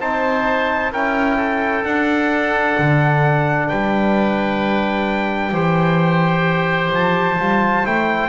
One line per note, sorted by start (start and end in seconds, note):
0.00 0.92 C4
0.00 0.93 D#4
0.00 0.93 C5
0.00 0.93 A5
0.92 1.84 C#4
0.92 1.84 E4
0.92 1.37 A#4
0.92 1.85 G5
1.37 3.68 A4
1.84 5.53 D4
1.84 2.77 D4
1.84 3.69 F#5
2.79 3.71 D3
3.69 5.52 G3
3.69 5.53 B4
3.69 6.92 G5
5.52 6.91 E3
5.52 7.37 G4
5.52 8.29 C5
6.91 7.37 F3
6.91 7.87 A5
7.39 7.86 G3
7.39 7.84 F4
7.84 8.29 A3
7.84 8.29 E4
7.84 8.29 G5